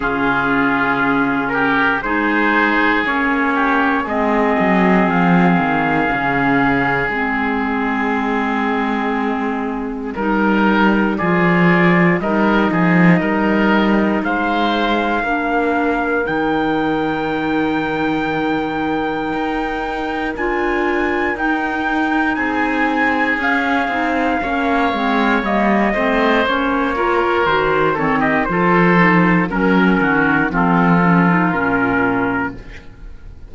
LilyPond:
<<
  \new Staff \with { instrumentName = "trumpet" } { \time 4/4 \tempo 4 = 59 gis'4. ais'8 c''4 cis''4 | dis''4 f''2 dis''4~ | dis''2. d''4 | dis''2 f''2 |
g''1 | gis''4 g''4 gis''4 f''4~ | f''4 dis''4 cis''4 c''8 cis''16 dis''16 | c''4 ais'4 a'4 ais'4 | }
  \new Staff \with { instrumentName = "oboe" } { \time 4/4 f'4. g'8 gis'4. g'8 | gis'1~ | gis'2 ais'4 gis'4 | ais'8 gis'8 ais'4 c''4 ais'4~ |
ais'1~ | ais'2 gis'2 | cis''4. c''4 ais'4 a'16 g'16 | a'4 ais'8 fis'8 f'2 | }
  \new Staff \with { instrumentName = "clarinet" } { \time 4/4 cis'2 dis'4 cis'4 | c'2 cis'4 c'4~ | c'2 dis'4 f'4 | dis'2. d'4 |
dis'1 | f'4 dis'2 cis'8 dis'8 | cis'8 c'8 ais8 c'8 cis'8 f'8 fis'8 c'8 | f'8 dis'8 cis'4 c'8 cis'16 dis'16 cis'4 | }
  \new Staff \with { instrumentName = "cello" } { \time 4/4 cis2 gis4 ais4 | gis8 fis8 f8 dis8 cis4 gis4~ | gis2 g4 f4 | g8 f8 g4 gis4 ais4 |
dis2. dis'4 | d'4 dis'4 c'4 cis'8 c'8 | ais8 gis8 g8 a8 ais4 dis4 | f4 fis8 dis8 f4 ais,4 | }
>>